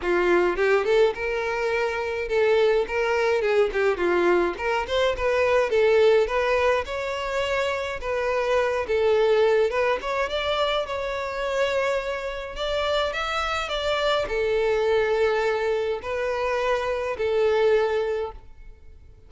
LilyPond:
\new Staff \with { instrumentName = "violin" } { \time 4/4 \tempo 4 = 105 f'4 g'8 a'8 ais'2 | a'4 ais'4 gis'8 g'8 f'4 | ais'8 c''8 b'4 a'4 b'4 | cis''2 b'4. a'8~ |
a'4 b'8 cis''8 d''4 cis''4~ | cis''2 d''4 e''4 | d''4 a'2. | b'2 a'2 | }